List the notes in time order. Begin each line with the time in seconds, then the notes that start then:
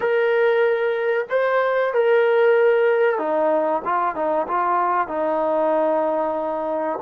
0.00 A#4
1.29 C5
1.93 A#4
3.18 D#4
3.84 F4
4.15 D#4
4.47 F4
5.07 D#4